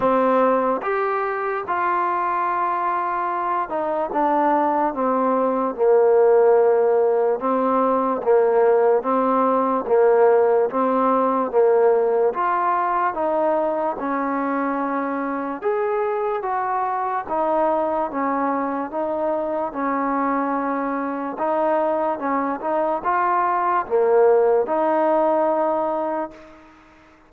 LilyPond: \new Staff \with { instrumentName = "trombone" } { \time 4/4 \tempo 4 = 73 c'4 g'4 f'2~ | f'8 dis'8 d'4 c'4 ais4~ | ais4 c'4 ais4 c'4 | ais4 c'4 ais4 f'4 |
dis'4 cis'2 gis'4 | fis'4 dis'4 cis'4 dis'4 | cis'2 dis'4 cis'8 dis'8 | f'4 ais4 dis'2 | }